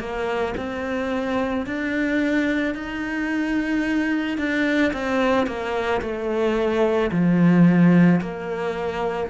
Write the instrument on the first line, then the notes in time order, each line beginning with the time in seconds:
cello
0.00 A#3
0.58 C4
1.67 D4
2.75 D#4
4.38 D4
4.93 C4
5.47 A#3
6.02 A3
7.12 F3
8.21 A#3